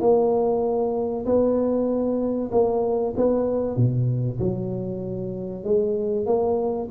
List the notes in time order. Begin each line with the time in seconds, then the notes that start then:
0.00 A#3
1.25 B3
2.51 A#3
3.16 B3
3.76 B2
4.39 F#3
5.64 G#3
6.26 A#3